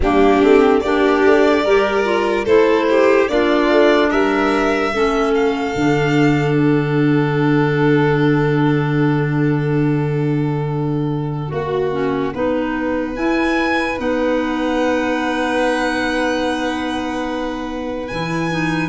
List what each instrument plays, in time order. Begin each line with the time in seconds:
0.00 tuba G3, clarinet A#3, violin D4 G4
0.41 tuba A3, clarinet C4
0.80 tuba A#3, clarinet D4, violin G4 D5
1.24 tuba A3
1.64 tuba G3, clarinet G4, violin A#4
2.04 clarinet F4
2.45 tuba A3, clarinet E4, violin A4 C5
2.89 violin G4
3.28 tuba A#3, clarinet D4, violin F4 D5
3.70 tuba A3
4.10 tuba G3, violin A#4 E5
4.92 tuba A3, clarinet C#4, violin A4
5.34 violin F5
5.75 tuba D3, clarinet D4
6.55 violin F#5
11.47 tuba A#3, clarinet F#4, violin F#4
11.91 clarinet C#4
12.34 tuba B3, clarinet D#4, violin B4
13.15 clarinet E4, tuba E4, violin G#5
13.96 tuba B3, clarinet D#4, violin F#5
18.07 tuba E3, clarinet E4, violin G#5
18.50 clarinet D#4